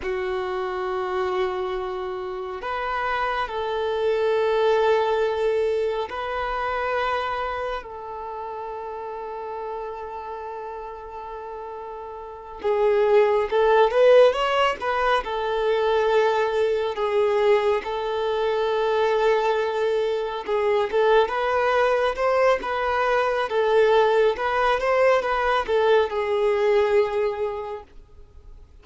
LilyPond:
\new Staff \with { instrumentName = "violin" } { \time 4/4 \tempo 4 = 69 fis'2. b'4 | a'2. b'4~ | b'4 a'2.~ | a'2~ a'8 gis'4 a'8 |
b'8 cis''8 b'8 a'2 gis'8~ | gis'8 a'2. gis'8 | a'8 b'4 c''8 b'4 a'4 | b'8 c''8 b'8 a'8 gis'2 | }